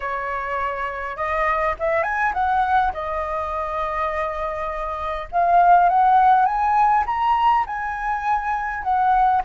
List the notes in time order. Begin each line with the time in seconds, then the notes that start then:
0.00 C#5
1.16 D#5
1.79 E5
2.03 G#5
2.33 F#5
2.93 D#5
5.31 F5
5.89 F#5
6.45 G#5
7.06 A#5
7.66 G#5
8.83 F#5